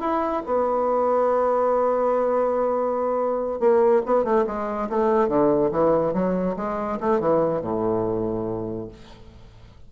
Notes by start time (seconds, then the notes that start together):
0.00 E4
0.46 B3
3.60 A#3
4.06 B3
4.24 A3
4.47 G#3
4.89 A3
5.28 D3
5.71 E3
6.13 F#3
6.56 G#3
7.00 A3
7.20 E3
7.61 A2